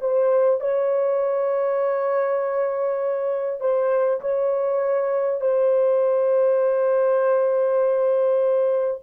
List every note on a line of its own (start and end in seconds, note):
0.00 0.60 C5
0.60 3.60 C#5
3.60 4.20 C5
4.21 5.41 C#5
5.41 9.01 C5